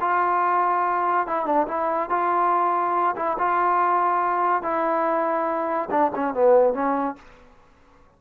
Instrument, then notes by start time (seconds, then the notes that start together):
trombone
0.00 F4
1.27 E4
1.45 D4
1.67 E4
2.09 F4
3.16 E4
3.38 F4
4.62 E4
5.90 D4
6.15 C#4
6.34 B3
6.73 C#4